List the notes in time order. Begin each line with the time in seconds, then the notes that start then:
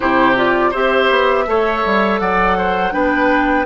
0.00 C3 E4 G4 C5
0.35 F4 D5
0.71 C4 G4 C5 E5
1.10 B3
1.46 A3 A4 C#5
1.85 G3
2.19 F#3 D5 F#5
2.57 C5
2.91 B3 D4 B4 G5